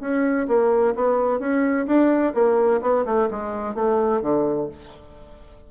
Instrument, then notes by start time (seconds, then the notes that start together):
bassoon
0.00 C#4
0.48 A#3
0.95 B3
1.39 C#4
1.86 D4
2.34 A#3
2.81 B3
3.05 A3
3.30 G#3
3.75 A3
4.21 D3